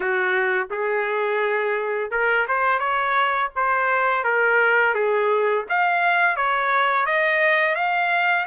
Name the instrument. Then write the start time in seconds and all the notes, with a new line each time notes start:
trumpet
0.00 F#4
0.70 G#4
2.10 A#4
2.48 C5
2.79 C#5
3.55 C5
4.24 A#4
4.94 G#4
5.69 F5
6.36 C#5
7.06 D#5
7.75 F5